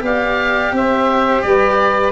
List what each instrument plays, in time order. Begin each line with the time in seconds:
0.00 tuba B3, cello G4, saxophone D5, oboe F5
0.71 tuba C4, saxophone C5, oboe E5
1.42 tuba G3, saxophone B4, oboe D5